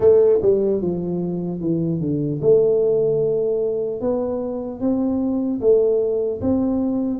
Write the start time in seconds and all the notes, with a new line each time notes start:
0.00 A3
0.41 G3
0.81 F3
1.60 E3
2.00 D3
2.41 A3
4.00 B3
4.80 C4
5.60 A3
6.41 C4